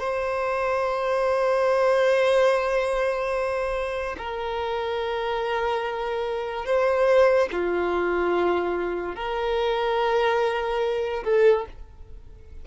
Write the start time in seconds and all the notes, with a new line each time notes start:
0.00 C5
4.19 A#4
6.66 C5
7.52 F4
9.16 A#4
11.24 A4